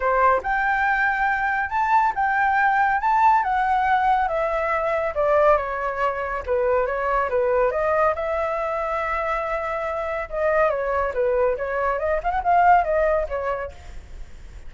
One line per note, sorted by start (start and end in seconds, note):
0.00 0.41 C5
0.42 1.69 G5
1.69 2.12 A5
2.15 3.00 G5
3.00 3.43 A5
3.43 4.28 F#5
4.28 5.13 E5
5.14 5.57 D5
5.57 6.43 C#5
6.46 6.86 B4
6.86 7.29 C#5
7.29 7.71 B4
7.71 8.14 D#5
8.15 10.29 E5
10.29 10.70 D#5
10.70 11.13 C#5
11.14 11.56 B4
11.57 11.98 C#5
11.98 12.20 D#5
12.23 12.31 F5
12.31 12.41 F#5
12.43 12.84 F5
12.84 13.26 D#5
13.29 13.71 C#5